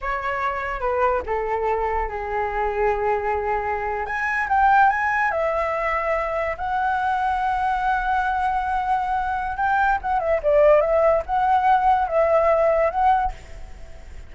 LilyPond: \new Staff \with { instrumentName = "flute" } { \time 4/4 \tempo 4 = 144 cis''2 b'4 a'4~ | a'4 gis'2.~ | gis'4.~ gis'16 gis''4 g''4 gis''16~ | gis''8. e''2. fis''16~ |
fis''1~ | fis''2. g''4 | fis''8 e''8 d''4 e''4 fis''4~ | fis''4 e''2 fis''4 | }